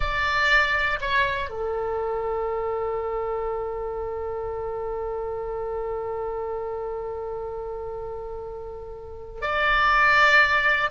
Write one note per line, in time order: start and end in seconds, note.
0.00 0.99 D5
1.00 1.49 C#5
1.49 9.41 A4
9.41 10.90 D5